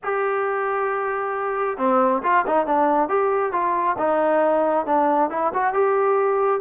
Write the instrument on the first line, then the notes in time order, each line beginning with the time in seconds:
trombone
0.03 G4
1.77 C4
2.23 F4
2.47 D#4
2.66 D4
3.08 G4
3.52 F4
3.98 D#4
4.85 D4
5.30 E4
5.53 F#4
5.73 G4